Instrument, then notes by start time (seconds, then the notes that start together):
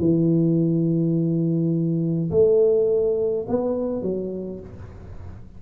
tuba
0.00 E3
2.31 A3
3.49 B3
4.03 F#3